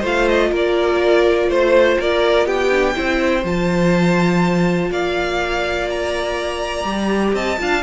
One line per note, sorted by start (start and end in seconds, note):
0.00 0.51 A3
0.00 2.71 F4
0.00 0.49 C5
0.06 0.28 F5
0.28 0.53 D#5
0.51 1.49 A#3
0.51 1.49 A#4
0.51 1.53 D5
1.49 1.98 A3
1.49 1.98 C5
1.49 2.02 C5
2.00 2.46 A#3
2.00 2.46 A#4
2.00 2.47 D5
2.46 2.95 B3
2.46 2.95 G4
2.46 3.45 G5
2.71 2.95 D4
2.95 3.44 C4
2.95 3.44 E4
2.95 4.91 C5
3.44 4.90 F3
3.44 6.85 F4
3.44 4.92 A5
4.91 6.84 A#3
4.91 7.34 D5
4.91 5.90 F5
5.90 7.35 A#5
6.84 7.33 G3
6.84 7.58 G4
7.33 7.58 C4
7.33 7.59 D#5
7.33 7.83 A5
7.59 7.83 D4
7.59 7.83 F4
7.59 7.83 F5